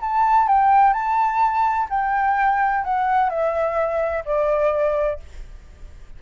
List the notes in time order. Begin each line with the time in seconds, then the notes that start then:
0.00 A5
0.47 G5
0.93 A5
1.89 G5
2.84 F#5
3.29 E5
4.25 D5